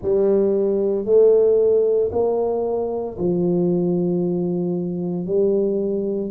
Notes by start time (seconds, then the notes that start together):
0.02 G3
1.05 A3
2.11 A#3
3.18 F3
5.25 G3